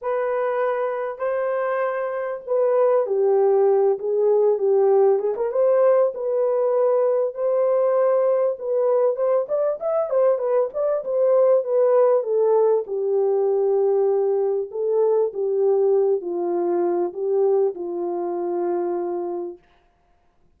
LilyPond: \new Staff \with { instrumentName = "horn" } { \time 4/4 \tempo 4 = 98 b'2 c''2 | b'4 g'4. gis'4 g'8~ | g'8 gis'16 ais'16 c''4 b'2 | c''2 b'4 c''8 d''8 |
e''8 c''8 b'8 d''8 c''4 b'4 | a'4 g'2. | a'4 g'4. f'4. | g'4 f'2. | }